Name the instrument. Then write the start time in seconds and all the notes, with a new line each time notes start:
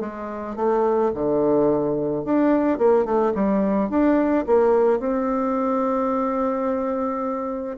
bassoon
0.00 G#3
0.56 A3
1.14 D3
2.24 D4
2.78 A#3
3.05 A3
3.34 G3
3.89 D4
4.46 A#3
4.99 C4